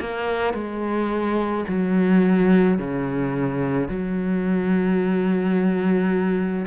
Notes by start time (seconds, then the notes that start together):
0.00 A#3
0.54 G#3
1.68 F#3
2.78 C#3
3.88 F#3